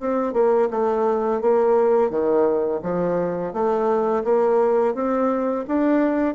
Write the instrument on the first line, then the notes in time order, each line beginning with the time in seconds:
bassoon
0.00 C4
0.34 A#3
0.71 A3
1.41 A#3
2.10 D#3
2.83 F3
3.54 A3
4.24 A#3
4.94 C4
5.68 D4